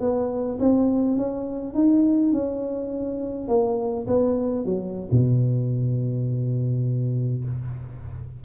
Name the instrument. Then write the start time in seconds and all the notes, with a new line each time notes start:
tuba
0.00 B3
0.59 C4
1.17 C#4
1.74 D#4
2.32 C#4
3.48 A#3
4.07 B3
4.65 F#3
5.11 B2